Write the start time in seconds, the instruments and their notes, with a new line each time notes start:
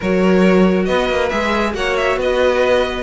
0.00 cello F#3, viola F#4, violin A#4 C#5
0.85 cello B3, violin B4 D#5
1.09 cello A#3
1.29 cello G#3, viola G#4, violin E5
1.74 cello A#3, viola F#4, violin C#5 F#5
1.96 violin E5
2.16 cello B3, violin B4 D#5